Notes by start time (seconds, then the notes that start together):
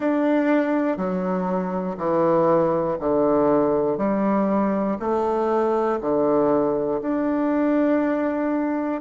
0.00 D4
0.97 F#3
1.97 E3
3.00 D3
3.97 G3
5.00 A3
6.00 D3
7.01 D4